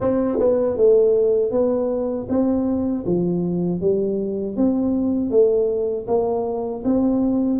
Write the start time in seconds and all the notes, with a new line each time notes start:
0.00 C4
0.39 B3
0.76 A3
1.51 B3
2.29 C4
3.06 F3
3.80 G3
4.56 C4
5.30 A3
6.07 A#3
6.84 C4